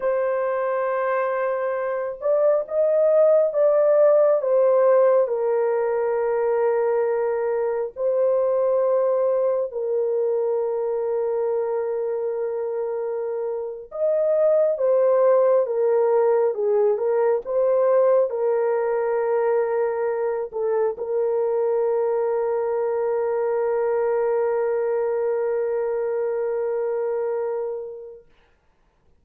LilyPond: \new Staff \with { instrumentName = "horn" } { \time 4/4 \tempo 4 = 68 c''2~ c''8 d''8 dis''4 | d''4 c''4 ais'2~ | ais'4 c''2 ais'4~ | ais'2.~ ais'8. dis''16~ |
dis''8. c''4 ais'4 gis'8 ais'8 c''16~ | c''8. ais'2~ ais'8 a'8 ais'16~ | ais'1~ | ais'1 | }